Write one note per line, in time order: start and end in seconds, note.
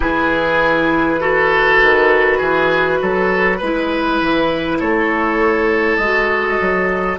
0.00 1.81 E3
0.00 1.19 E4
0.00 1.20 G#4
0.00 4.78 B4
1.20 3.60 F#4
1.20 2.38 A4
1.82 2.40 D#3
2.38 3.00 E3
2.38 2.98 G#4
3.01 3.61 F#3
3.01 3.57 A4
3.57 4.20 G#3
3.57 6.01 E4
3.57 4.77 B4
4.20 4.80 E3
4.79 5.98 A3
4.79 7.18 A4
4.79 5.96 C#5
5.96 6.58 G#3
5.96 7.18 F#4
5.96 7.17 D#5
6.60 7.18 F#3